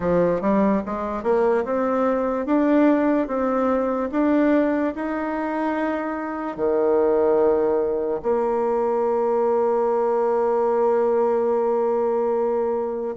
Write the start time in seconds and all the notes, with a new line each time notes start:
0.00 F3
0.41 G3
0.85 G#3
1.23 A#3
1.64 C4
2.46 D4
3.27 C4
4.11 D4
4.95 D#4
6.56 D#3
8.22 A#3